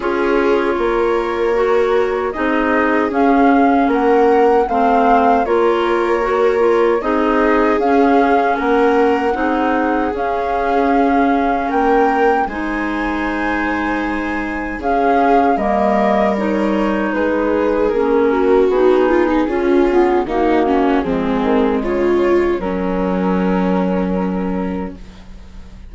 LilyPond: <<
  \new Staff \with { instrumentName = "flute" } { \time 4/4 \tempo 4 = 77 cis''2. dis''4 | f''4 fis''4 f''4 cis''4~ | cis''4 dis''4 f''4 fis''4~ | fis''4 f''2 g''4 |
gis''2. f''4 | dis''4 cis''4 b'4 ais'4 | gis'2 fis'4 gis'4 | cis''4 ais'2. | }
  \new Staff \with { instrumentName = "viola" } { \time 4/4 gis'4 ais'2 gis'4~ | gis'4 ais'4 c''4 ais'4~ | ais'4 gis'2 ais'4 | gis'2. ais'4 |
c''2. gis'4 | ais'2 gis'4. fis'8~ | fis'8 f'16 dis'16 f'4 dis'8 cis'8 c'4 | f'4 cis'2. | }
  \new Staff \with { instrumentName = "clarinet" } { \time 4/4 f'2 fis'4 dis'4 | cis'2 c'4 f'4 | fis'8 f'8 dis'4 cis'2 | dis'4 cis'2. |
dis'2. cis'4 | ais4 dis'2 cis'4 | dis'4 cis'8 b8 ais4 gis4~ | gis4 fis2. | }
  \new Staff \with { instrumentName = "bassoon" } { \time 4/4 cis'4 ais2 c'4 | cis'4 ais4 a4 ais4~ | ais4 c'4 cis'4 ais4 | c'4 cis'2 ais4 |
gis2. cis'4 | g2 gis4 ais4 | b4 cis'4 dis4 f8 dis8 | cis4 fis2. | }
>>